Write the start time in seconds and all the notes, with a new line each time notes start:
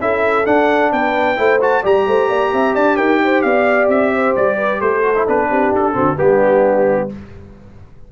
0.00 C#4 E4 A4 E5
0.45 D4 F#5
0.92 B3 B4 G5
1.37 A3 E4 C5
1.61 F#4 A5
1.83 G3 G4 D5 A#5
2.07 A3 C5
2.29 A#3 D5
2.53 C4 E5
2.75 D4 D5 A5
2.97 D#4 A#4 G5
3.24 C5
3.42 B3 D5 F5
3.89 C4 E5
4.13 C5
4.36 G3 D5
4.57 B4
4.81 A3 A4 C5
5.03 F#4
5.15 E4
5.27 B3 D4 B4
5.49 C4 G4
5.73 D4 A4
5.93 D3 C4 F#4
6.18 G3 B3 D4 G4